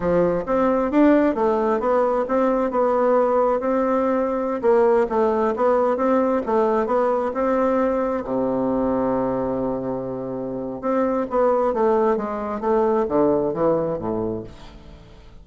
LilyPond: \new Staff \with { instrumentName = "bassoon" } { \time 4/4 \tempo 4 = 133 f4 c'4 d'4 a4 | b4 c'4 b2 | c'2~ c'16 ais4 a8.~ | a16 b4 c'4 a4 b8.~ |
b16 c'2 c4.~ c16~ | c1 | c'4 b4 a4 gis4 | a4 d4 e4 a,4 | }